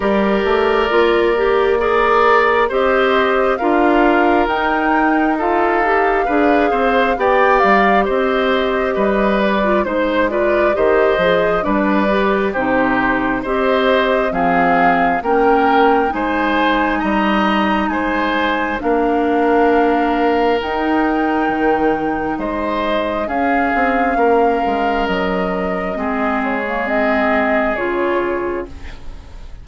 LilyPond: <<
  \new Staff \with { instrumentName = "flute" } { \time 4/4 \tempo 4 = 67 d''2 ais'4 dis''4 | f''4 g''4 f''2 | g''8 f''8 dis''4. d''8 c''8 d''8 | dis''4 d''4 c''4 dis''4 |
f''4 g''4 gis''4 ais''4 | gis''4 f''2 g''4~ | g''4 dis''4 f''2 | dis''4. cis''8 dis''4 cis''4 | }
  \new Staff \with { instrumentName = "oboe" } { \time 4/4 ais'2 d''4 c''4 | ais'2 a'4 b'8 c''8 | d''4 c''4 b'4 c''8 b'8 | c''4 b'4 g'4 c''4 |
gis'4 ais'4 c''4 dis''4 | c''4 ais'2.~ | ais'4 c''4 gis'4 ais'4~ | ais'4 gis'2. | }
  \new Staff \with { instrumentName = "clarinet" } { \time 4/4 g'4 f'8 g'8 gis'4 g'4 | f'4 dis'4 f'8 g'8 gis'4 | g'2~ g'8. f'16 dis'8 f'8 | g'8 gis'8 d'8 g'8 dis'4 g'4 |
c'4 cis'4 dis'2~ | dis'4 d'2 dis'4~ | dis'2 cis'2~ | cis'4 c'8. ais16 c'4 f'4 | }
  \new Staff \with { instrumentName = "bassoon" } { \time 4/4 g8 a8 ais2 c'4 | d'4 dis'2 d'8 c'8 | b8 g8 c'4 g4 gis4 | dis8 f8 g4 c4 c'4 |
f4 ais4 gis4 g4 | gis4 ais2 dis'4 | dis4 gis4 cis'8 c'8 ais8 gis8 | fis4 gis2 cis4 | }
>>